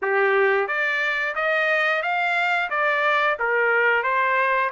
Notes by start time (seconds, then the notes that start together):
0.02 G4
0.67 D5
1.35 D#5
2.02 F5
2.70 D5
3.39 A#4
4.03 C5